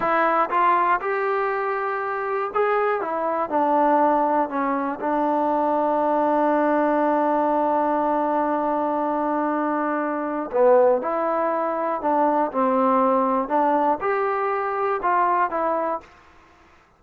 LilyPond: \new Staff \with { instrumentName = "trombone" } { \time 4/4 \tempo 4 = 120 e'4 f'4 g'2~ | g'4 gis'4 e'4 d'4~ | d'4 cis'4 d'2~ | d'1~ |
d'1~ | d'4 b4 e'2 | d'4 c'2 d'4 | g'2 f'4 e'4 | }